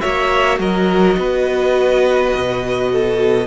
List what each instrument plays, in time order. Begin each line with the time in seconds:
0.00 cello A#3, viola F#4, violin C#5 E5
0.58 cello F#3, violin A#4 D#5
1.17 cello B3, violin B4
2.35 cello B2
2.91 violin A4